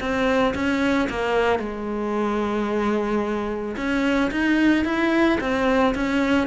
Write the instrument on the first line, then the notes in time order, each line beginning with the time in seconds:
cello
0.00 C4
0.55 C#4
1.10 A#3
1.59 G#3
3.77 C#4
4.31 D#4
4.85 E4
5.41 C4
5.95 C#4